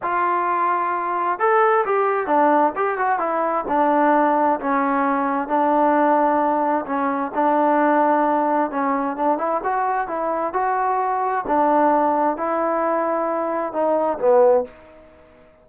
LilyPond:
\new Staff \with { instrumentName = "trombone" } { \time 4/4 \tempo 4 = 131 f'2. a'4 | g'4 d'4 g'8 fis'8 e'4 | d'2 cis'2 | d'2. cis'4 |
d'2. cis'4 | d'8 e'8 fis'4 e'4 fis'4~ | fis'4 d'2 e'4~ | e'2 dis'4 b4 | }